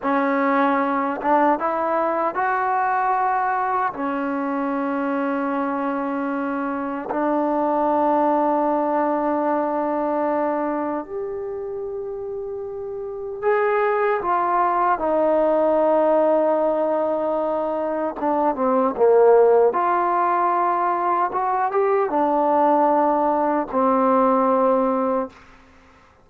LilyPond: \new Staff \with { instrumentName = "trombone" } { \time 4/4 \tempo 4 = 76 cis'4. d'8 e'4 fis'4~ | fis'4 cis'2.~ | cis'4 d'2.~ | d'2 g'2~ |
g'4 gis'4 f'4 dis'4~ | dis'2. d'8 c'8 | ais4 f'2 fis'8 g'8 | d'2 c'2 | }